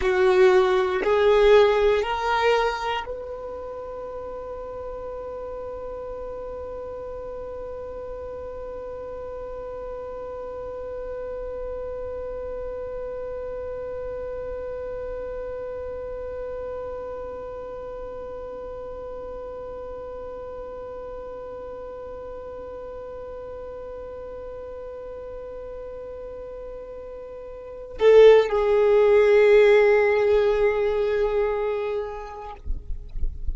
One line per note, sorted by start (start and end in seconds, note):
0.01 1.03 F#4
1.04 2.02 G#4
2.02 3.04 A#4
3.06 27.97 B4
27.99 28.48 A4
28.48 32.55 G#4